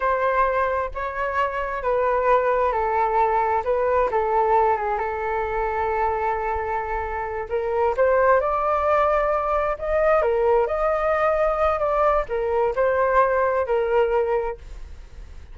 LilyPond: \new Staff \with { instrumentName = "flute" } { \time 4/4 \tempo 4 = 132 c''2 cis''2 | b'2 a'2 | b'4 a'4. gis'8 a'4~ | a'1~ |
a'8 ais'4 c''4 d''4.~ | d''4. dis''4 ais'4 dis''8~ | dis''2 d''4 ais'4 | c''2 ais'2 | }